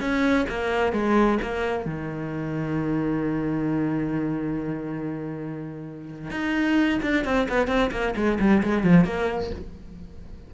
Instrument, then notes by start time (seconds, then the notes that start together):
cello
0.00 C#4
0.49 A#3
0.92 G#3
1.42 A#3
1.85 D#3
6.31 D#4
7.02 D4
7.24 C4
7.49 B3
7.67 C4
7.91 A#3
8.16 G#3
8.40 G3
8.63 G#3
8.83 F3
9.04 A#3